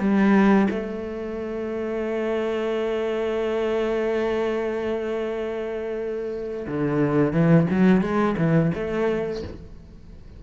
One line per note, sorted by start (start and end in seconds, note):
0.00 0.68 G3
0.70 6.67 A3
6.68 7.33 D3
7.33 7.67 E3
7.71 8.01 F#3
8.01 8.36 G#3
8.38 8.72 E3
8.75 9.43 A3